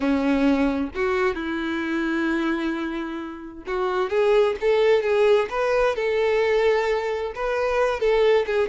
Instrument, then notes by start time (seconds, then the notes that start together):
violin
0.00 C#4
0.94 F#4
1.34 E4
3.66 F#4
4.10 G#4
4.61 A4
5.03 G#4
5.49 B4
5.95 A4
7.35 B4
7.99 A4
8.46 G#4